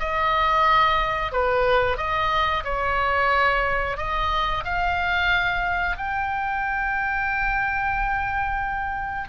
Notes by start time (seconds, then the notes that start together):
0.00 D#5
1.32 B4
1.98 D#5
2.65 C#5
3.98 D#5
4.65 F5
5.98 G5